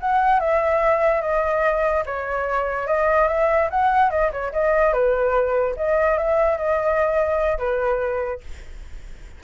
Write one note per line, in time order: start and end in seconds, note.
0.00 0.40 F#5
0.40 1.21 E5
1.21 2.04 D#5
2.06 2.87 C#5
2.87 3.28 D#5
3.28 3.69 E5
3.70 4.10 F#5
4.10 4.31 D#5
4.32 4.52 C#5
4.52 4.93 D#5
4.93 5.75 B4
5.76 6.18 D#5
6.18 6.57 E5
6.57 7.58 D#5
7.58 8.40 B4